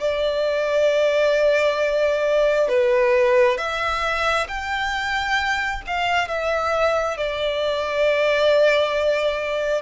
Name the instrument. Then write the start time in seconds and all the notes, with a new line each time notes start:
violin
0.00 D5
2.68 B4
3.57 E5
4.48 G5
5.87 F5
6.28 E5
7.17 D5